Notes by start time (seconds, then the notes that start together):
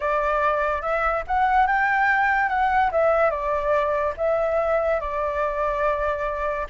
0.00 D5
0.81 E5
1.27 F#5
1.67 G5
2.48 F#5
2.91 E5
3.30 D5
4.17 E5
5.00 D5